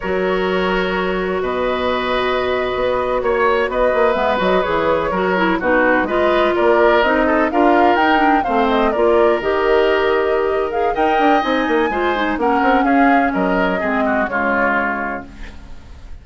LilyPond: <<
  \new Staff \with { instrumentName = "flute" } { \time 4/4 \tempo 4 = 126 cis''2. dis''4~ | dis''2~ dis''8. cis''4 dis''16~ | dis''8. e''8 dis''8 cis''2 b'16~ | b'8. dis''4 d''4 dis''4 f''16~ |
f''8. g''4 f''8 dis''8 d''4 dis''16~ | dis''2~ dis''8 f''8 g''4 | gis''2 fis''4 f''4 | dis''2 cis''2 | }
  \new Staff \with { instrumentName = "oboe" } { \time 4/4 ais'2. b'4~ | b'2~ b'8. cis''4 b'16~ | b'2~ b'8. ais'4 fis'16~ | fis'8. b'4 ais'4. a'8 ais'16~ |
ais'4.~ ais'16 c''4 ais'4~ ais'16~ | ais'2. dis''4~ | dis''4 c''4 ais'4 gis'4 | ais'4 gis'8 fis'8 f'2 | }
  \new Staff \with { instrumentName = "clarinet" } { \time 4/4 fis'1~ | fis'1~ | fis'8. b8 fis'8 gis'4 fis'8 e'8 dis'16~ | dis'8. f'2 dis'4 f'16~ |
f'8. dis'8 d'8 c'4 f'4 g'16~ | g'2~ g'8 gis'8 ais'4 | dis'4 f'8 dis'8 cis'2~ | cis'4 c'4 gis2 | }
  \new Staff \with { instrumentName = "bassoon" } { \time 4/4 fis2. b,4~ | b,4.~ b,16 b4 ais4 b16~ | b16 ais8 gis8 fis8 e4 fis4 b,16~ | b,8. gis4 ais4 c'4 d'16~ |
d'8. dis'4 a4 ais4 dis16~ | dis2. dis'8 d'8 | c'8 ais8 gis4 ais8 c'8 cis'4 | fis4 gis4 cis2 | }
>>